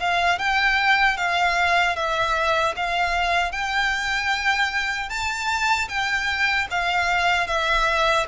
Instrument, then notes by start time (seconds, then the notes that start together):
violin
0.00 F5
0.39 G5
1.17 F5
1.96 E5
2.76 F5
3.52 G5
5.09 A5
5.89 G5
6.70 F5
7.47 E5